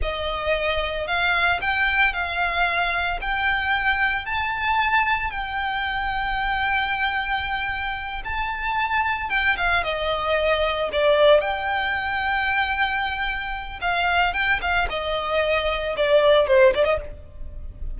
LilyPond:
\new Staff \with { instrumentName = "violin" } { \time 4/4 \tempo 4 = 113 dis''2 f''4 g''4 | f''2 g''2 | a''2 g''2~ | g''2.~ g''8 a''8~ |
a''4. g''8 f''8 dis''4.~ | dis''8 d''4 g''2~ g''8~ | g''2 f''4 g''8 f''8 | dis''2 d''4 c''8 d''16 dis''16 | }